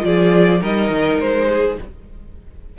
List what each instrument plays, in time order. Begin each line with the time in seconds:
0.00 cello F3, viola F4, violin G#4 D5
0.60 cello G3, viola D#4, violin A#4 D#5
0.89 cello D#3
1.20 cello G#3, violin C5
1.48 violin G#4